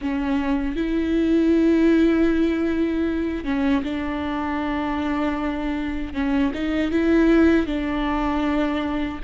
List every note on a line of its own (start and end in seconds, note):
0.01 0.76 C#4
0.76 3.44 E4
3.44 3.83 C#4
3.83 6.13 D4
6.13 6.52 C#4
6.54 6.91 D#4
6.91 7.66 E4
7.66 9.20 D4